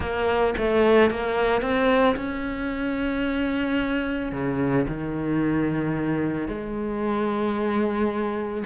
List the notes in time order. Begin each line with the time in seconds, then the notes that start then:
0.00 A#3
0.57 A3
1.10 A#3
1.61 C4
2.15 C#4
4.32 C#3
4.87 D#3
6.47 G#3